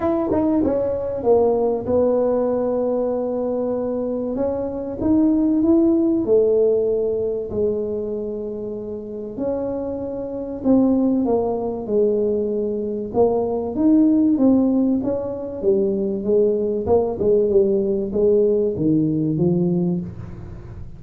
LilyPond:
\new Staff \with { instrumentName = "tuba" } { \time 4/4 \tempo 4 = 96 e'8 dis'8 cis'4 ais4 b4~ | b2. cis'4 | dis'4 e'4 a2 | gis2. cis'4~ |
cis'4 c'4 ais4 gis4~ | gis4 ais4 dis'4 c'4 | cis'4 g4 gis4 ais8 gis8 | g4 gis4 dis4 f4 | }